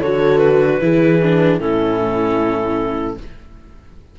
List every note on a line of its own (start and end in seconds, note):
0.00 0.81 D3
0.00 0.81 F#4
0.00 0.79 A4
0.00 0.38 C#5
0.38 1.56 B4
0.81 1.59 E3
0.81 1.20 E4
0.81 1.61 G#4
1.23 1.60 D4
1.59 3.17 A2
1.59 3.18 C#4
1.59 3.19 E4
1.59 3.18 A4